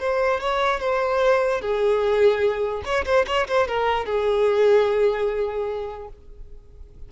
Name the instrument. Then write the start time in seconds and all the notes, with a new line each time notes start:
violin
0.00 C5
0.41 C#5
0.80 C5
1.62 G#4
2.85 C#5
3.06 C5
3.27 C#5
3.48 C5
3.68 A#4
4.06 G#4